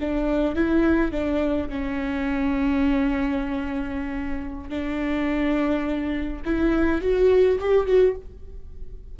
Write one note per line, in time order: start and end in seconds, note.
0.00 0.55 D4
0.55 1.11 E4
1.11 1.68 D4
1.68 4.69 C#4
4.69 6.42 D4
6.45 7.01 E4
7.01 7.59 F#4
7.59 7.86 G4
7.86 8.15 F#4